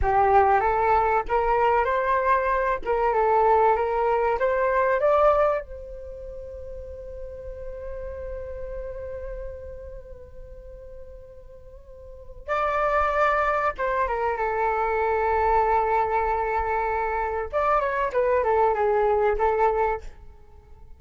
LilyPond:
\new Staff \with { instrumentName = "flute" } { \time 4/4 \tempo 4 = 96 g'4 a'4 ais'4 c''4~ | c''8 ais'8 a'4 ais'4 c''4 | d''4 c''2.~ | c''1~ |
c''1 | d''2 c''8 ais'8 a'4~ | a'1 | d''8 cis''8 b'8 a'8 gis'4 a'4 | }